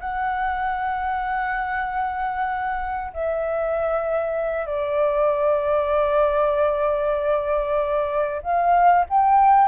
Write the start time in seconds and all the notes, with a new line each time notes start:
0.00 F#5
3.13 E5
4.66 D5
8.43 F5
9.09 G5